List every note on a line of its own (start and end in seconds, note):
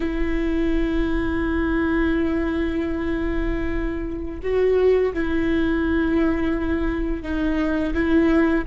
0.00 4.40 E4
4.42 5.13 F#4
5.13 7.23 E4
7.23 7.93 D#4
7.93 8.64 E4